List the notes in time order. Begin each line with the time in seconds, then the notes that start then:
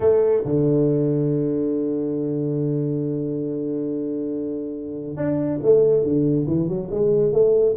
0.00 A3
0.44 D3
5.16 D4
5.62 A3
6.03 D3
6.47 E3
6.67 F#3
6.91 G#3
7.32 A3